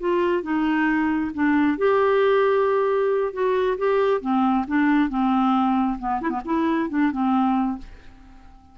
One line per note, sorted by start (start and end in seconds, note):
0.00 0.43 F4
0.43 1.32 D#4
1.34 1.78 D4
1.78 3.33 G4
3.33 3.78 F#4
3.78 4.21 G4
4.21 4.65 C4
4.68 5.09 D4
5.09 5.98 C4
5.99 6.21 B3
6.22 6.30 E4
6.30 6.41 B3
6.45 6.90 E4
6.90 7.12 D4
7.12 7.78 C4